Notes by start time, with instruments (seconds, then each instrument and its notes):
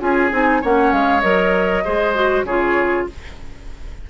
0.00 bassoon C#4, clarinet F4, oboe G#4, flute G#5
0.31 bassoon C4, clarinet D#4
0.62 bassoon A#3, clarinet C#4, oboe C#5, flute F#5
0.93 bassoon G#3, flute F5
1.21 bassoon F#3, clarinet A#4, flute D#5
1.84 bassoon G#3, clarinet G#4, oboe C5
2.15 clarinet F#4
2.44 bassoon C#3, clarinet F4, oboe G#4, flute C#5